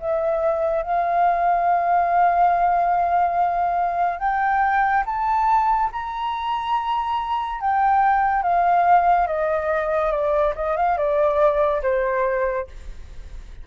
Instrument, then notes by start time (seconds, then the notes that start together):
flute
0.00 E5
0.83 F5
4.19 G5
5.06 A5
5.92 A#5
7.61 G5
8.43 F5
9.27 D#5
10.11 D5
10.56 D#5
10.77 F5
10.97 D5
11.82 C5